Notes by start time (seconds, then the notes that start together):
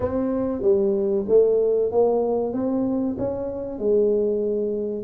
0.00 C4
0.62 G3
1.28 A3
1.91 A#3
2.53 C4
3.18 C#4
3.79 G#3